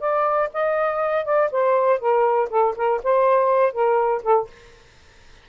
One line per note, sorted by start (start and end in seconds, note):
0.00 0.50 D5
0.54 1.25 D#5
1.25 1.50 D5
1.52 2.00 C5
2.00 2.49 A#4
2.50 2.75 A4
2.77 3.02 A#4
3.04 3.73 C5
3.73 4.23 A#4
4.23 4.48 A4